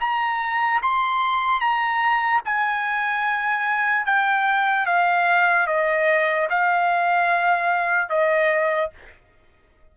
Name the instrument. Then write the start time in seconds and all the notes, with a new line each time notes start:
trumpet
0.00 A#5
0.82 C6
1.60 A#5
2.45 G#5
4.05 G5
4.86 F5
5.67 D#5
6.50 F5
8.09 D#5